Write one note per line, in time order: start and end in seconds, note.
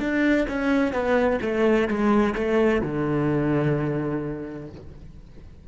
0.00 0.47 D4
0.48 0.93 C#4
0.93 1.39 B3
1.41 1.88 A3
1.88 2.34 G#3
2.35 2.82 A3
2.82 4.68 D3